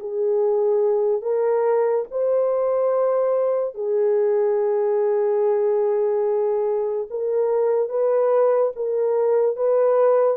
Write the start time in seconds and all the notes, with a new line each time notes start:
0.00 G#4
1.22 A#4
2.11 C5
3.75 G#4
7.10 A#4
7.89 B4
8.76 A#4
9.56 B4